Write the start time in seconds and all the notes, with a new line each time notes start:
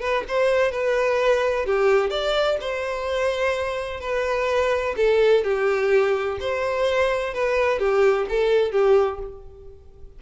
0.00 B4
0.28 C5
0.71 B4
1.66 G4
2.10 D5
2.60 C5
4.00 B4
4.96 A4
5.44 G4
6.40 C5
7.33 B4
7.79 G4
8.29 A4
8.71 G4